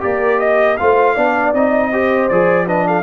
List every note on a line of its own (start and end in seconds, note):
0.00 0.80 A#3
0.00 0.76 G4
0.00 0.39 A#4
0.00 0.39 D5
0.39 0.77 D#5
0.77 1.17 A3
0.77 1.17 F4
0.77 1.14 C5
0.77 1.53 F5
1.14 1.53 B3
1.14 1.54 D4
1.14 1.90 D5
1.53 2.29 C4
1.53 1.92 D#4
1.53 2.28 D#5
1.92 2.30 G4
1.92 2.66 C5
2.28 3.03 F3
2.28 2.67 G#4
2.28 2.66 D5
2.66 3.03 D4
2.66 2.85 B4
2.66 2.87 D#5
2.87 3.03 A4
2.87 3.03 F5